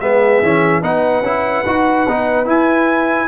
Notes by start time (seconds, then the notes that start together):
0.00 G#3 B3 G#4 E5
0.42 E3 C#4
0.81 B3 D#4 B4 F#5
1.22 C#4 E4
1.66 D#4 F#4
2.08 B3 D#4
2.45 E4 G#5